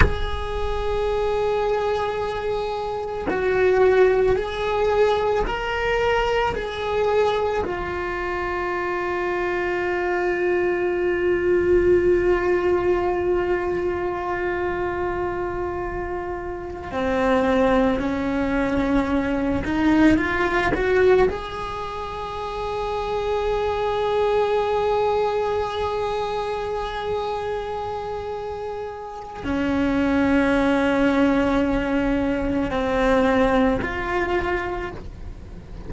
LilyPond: \new Staff \with { instrumentName = "cello" } { \time 4/4 \tempo 4 = 55 gis'2. fis'4 | gis'4 ais'4 gis'4 f'4~ | f'1~ | f'2.~ f'8 c'8~ |
c'8 cis'4. dis'8 f'8 fis'8 gis'8~ | gis'1~ | gis'2. cis'4~ | cis'2 c'4 f'4 | }